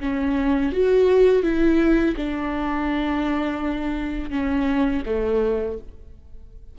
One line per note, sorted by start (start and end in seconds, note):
0.00 0.72 C#4
0.72 1.43 F#4
1.43 2.15 E4
2.16 4.30 D4
4.30 5.03 C#4
5.06 5.78 A3